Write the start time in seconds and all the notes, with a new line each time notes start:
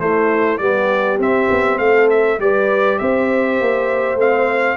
0.00 A3 E4 C5
0.58 G3 B3 G4 D5
1.19 C4 E5
1.51 B3
1.79 A3 A4 F5
2.10 E5
2.39 G3 G4 B4 D5
2.99 C4 C5 E5
3.61 A#3
4.16 A3 C4 F5